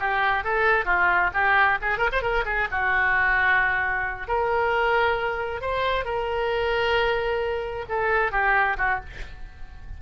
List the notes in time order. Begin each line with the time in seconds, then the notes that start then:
0.00 G4
0.44 A4
0.85 F4
1.34 G4
1.82 G#4
1.98 A#4
2.12 C5
2.22 A#4
2.45 G#4
2.71 F#4
4.28 A#4
5.61 C5
6.05 A#4
7.89 A4
8.32 G4
8.78 F#4